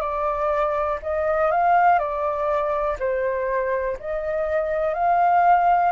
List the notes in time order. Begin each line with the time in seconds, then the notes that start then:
0.00 D5
1.02 D#5
1.51 F5
1.99 D5
2.99 C5
3.99 D#5
4.94 F5